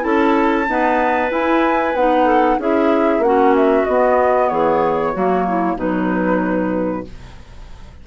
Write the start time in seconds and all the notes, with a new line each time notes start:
0.00 C#4 E4 A4 A5
0.68 B3 D#4 B4
1.30 E4 G#5
1.94 B3 D#4 F#5
2.25 A4
2.58 C#4 E4 G#4 E5
3.19 A#3 C#4 F#5
3.25 F#4
3.56 E5
3.85 B3 D#5
4.49 E3 G#4 C#5
5.13 F#3 A#3 F#4
5.48 E4
5.76 B2 F#3 D#4 B4